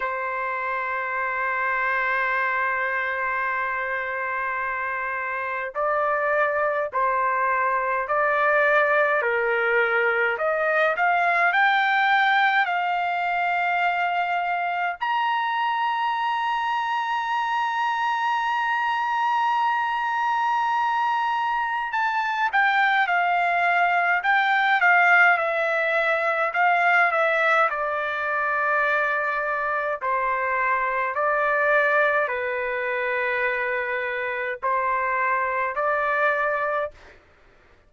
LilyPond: \new Staff \with { instrumentName = "trumpet" } { \time 4/4 \tempo 4 = 52 c''1~ | c''4 d''4 c''4 d''4 | ais'4 dis''8 f''8 g''4 f''4~ | f''4 ais''2.~ |
ais''2. a''8 g''8 | f''4 g''8 f''8 e''4 f''8 e''8 | d''2 c''4 d''4 | b'2 c''4 d''4 | }